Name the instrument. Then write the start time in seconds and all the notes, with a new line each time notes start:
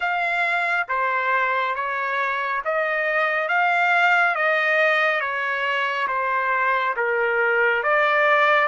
trumpet
0.00 F5
0.88 C5
1.75 C#5
2.64 D#5
3.48 F5
4.35 D#5
5.20 C#5
6.07 C5
6.96 A#4
7.83 D5